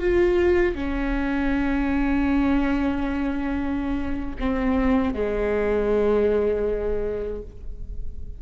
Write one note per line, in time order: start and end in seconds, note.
0.00 0.75 F4
0.75 4.36 C#4
4.39 5.14 C4
5.14 7.42 G#3